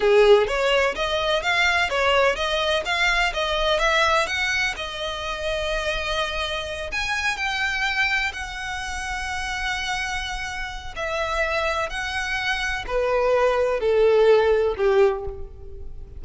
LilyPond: \new Staff \with { instrumentName = "violin" } { \time 4/4 \tempo 4 = 126 gis'4 cis''4 dis''4 f''4 | cis''4 dis''4 f''4 dis''4 | e''4 fis''4 dis''2~ | dis''2~ dis''8 gis''4 g''8~ |
g''4. fis''2~ fis''8~ | fis''2. e''4~ | e''4 fis''2 b'4~ | b'4 a'2 g'4 | }